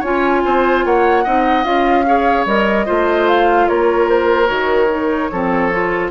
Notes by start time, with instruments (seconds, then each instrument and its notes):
0.00 bassoon C#4, clarinet F4, oboe C#5, flute G#5
0.45 bassoon C4, oboe C5
0.85 bassoon A#3, oboe C#5, flute F#5
1.24 bassoon C4, clarinet D#4, oboe D#5
1.64 bassoon C#4, clarinet F4, flute F5
2.06 clarinet G#4, oboe C#5
2.46 bassoon G3, clarinet A#4, flute D#5
2.86 bassoon A3, clarinet F4, oboe C5
3.28 flute F5
3.68 bassoon A#3, oboe A#4, flute C#5
4.09 flute C5
4.46 bassoon D#3, clarinet F#4, flute C#5
4.90 clarinet D#4
5.31 bassoon F3, clarinet C4, oboe A4
5.72 clarinet F4